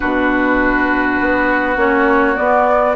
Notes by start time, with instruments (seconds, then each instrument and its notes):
0.00 bassoon B2, clarinet D4, oboe F#4, flute B4
1.20 bassoon B3
1.76 bassoon A#3, clarinet C#4, flute C#5
2.35 clarinet B3, bassoon B3, flute D5